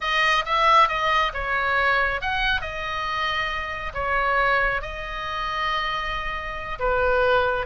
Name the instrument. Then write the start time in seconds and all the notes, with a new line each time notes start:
oboe
0.01 D#5
0.45 E5
0.88 D#5
1.33 C#5
2.21 F#5
2.61 D#5
3.94 C#5
4.81 D#5
6.79 B4